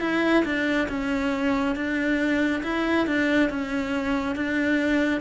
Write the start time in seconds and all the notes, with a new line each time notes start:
0.00 E4
0.44 D4
0.88 C#4
1.75 D4
2.63 E4
3.06 D4
3.49 C#4
4.35 D4